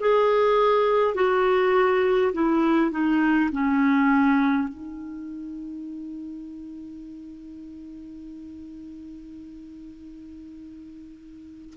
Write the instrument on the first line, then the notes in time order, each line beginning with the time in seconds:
clarinet
0.00 G#4
1.14 F#4
2.33 E4
2.91 D#4
3.51 C#4
4.68 D#4